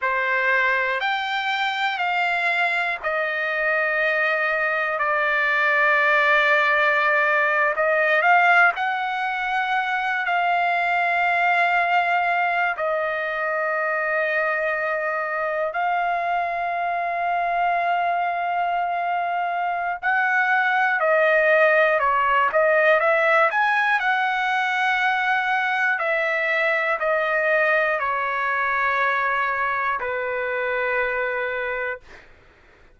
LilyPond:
\new Staff \with { instrumentName = "trumpet" } { \time 4/4 \tempo 4 = 60 c''4 g''4 f''4 dis''4~ | dis''4 d''2~ d''8. dis''16~ | dis''16 f''8 fis''4. f''4.~ f''16~ | f''8. dis''2. f''16~ |
f''1 | fis''4 dis''4 cis''8 dis''8 e''8 gis''8 | fis''2 e''4 dis''4 | cis''2 b'2 | }